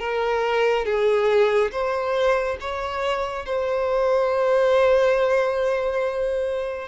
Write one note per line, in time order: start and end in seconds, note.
0.00 0.86 A#4
0.86 1.72 G#4
1.72 2.58 C5
2.61 3.46 C#5
3.46 6.89 C5